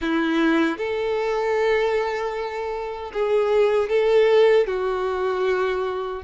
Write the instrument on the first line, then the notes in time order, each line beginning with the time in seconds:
violin
0.01 E4
0.77 A4
3.13 G#4
3.89 A4
4.66 F#4